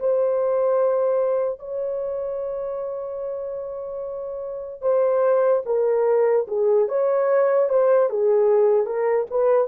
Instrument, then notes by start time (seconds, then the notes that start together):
horn
0.00 C5
1.59 C#5
4.82 C5
5.66 A#4
6.48 G#4
6.89 C#5
7.70 C5
8.10 G#4
8.86 A#4
9.31 B4